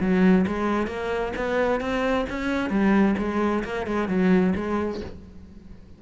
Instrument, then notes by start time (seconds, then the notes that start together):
cello
0.00 F#3
0.47 G#3
0.87 A#3
1.36 B3
1.80 C4
2.29 C#4
2.69 G3
3.18 G#3
3.64 A#3
3.86 G#3
4.08 F#3
4.55 G#3